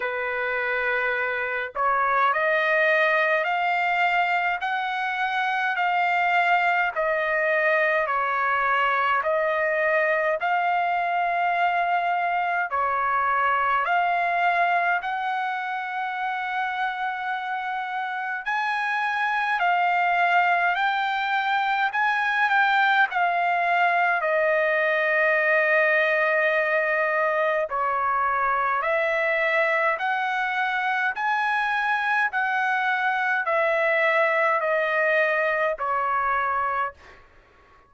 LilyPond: \new Staff \with { instrumentName = "trumpet" } { \time 4/4 \tempo 4 = 52 b'4. cis''8 dis''4 f''4 | fis''4 f''4 dis''4 cis''4 | dis''4 f''2 cis''4 | f''4 fis''2. |
gis''4 f''4 g''4 gis''8 g''8 | f''4 dis''2. | cis''4 e''4 fis''4 gis''4 | fis''4 e''4 dis''4 cis''4 | }